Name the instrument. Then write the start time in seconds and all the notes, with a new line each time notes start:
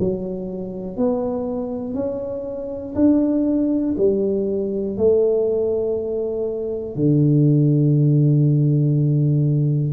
tuba
0.00 F#3
0.97 B3
1.95 C#4
2.96 D4
3.98 G3
4.98 A3
6.96 D3